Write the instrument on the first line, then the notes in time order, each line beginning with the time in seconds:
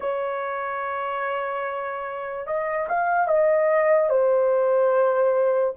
horn
0.00 C#5
2.46 D#5
2.88 F5
3.27 D#5
4.09 C5